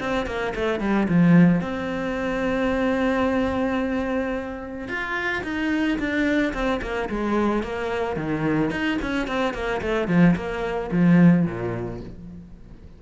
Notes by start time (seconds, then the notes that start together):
0.00 C4
0.26 A#3
0.55 A3
0.80 G3
1.08 F3
1.61 C4
4.88 F4
5.43 D#4
5.99 D4
6.53 C4
6.82 A#3
7.09 G#3
7.63 A#3
8.16 D#3
8.70 D#4
9.01 C#4
9.27 C4
9.54 A#3
9.81 A3
10.08 F3
10.36 A#3
10.91 F3
11.46 A#2